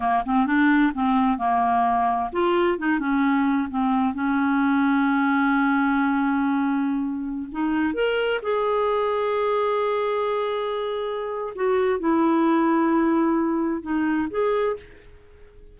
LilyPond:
\new Staff \with { instrumentName = "clarinet" } { \time 4/4 \tempo 4 = 130 ais8 c'8 d'4 c'4 ais4~ | ais4 f'4 dis'8 cis'4. | c'4 cis'2.~ | cis'1~ |
cis'16 dis'4 ais'4 gis'4.~ gis'16~ | gis'1~ | gis'4 fis'4 e'2~ | e'2 dis'4 gis'4 | }